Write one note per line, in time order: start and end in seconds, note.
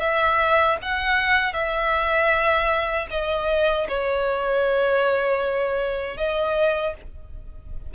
0.00 0.77 E5
0.82 1.53 F#5
1.53 3.07 E5
3.10 3.87 D#5
3.88 6.17 C#5
6.17 6.94 D#5